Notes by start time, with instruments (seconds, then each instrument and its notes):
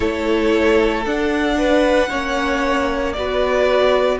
0.00 cello A3, viola E4, violin A4 C#5
1.05 cello D4, viola D4, violin F#5
1.58 violin B4
2.09 cello A#3, viola C#4, violin C#5
3.12 cello B3, viola F#4, violin B4 D5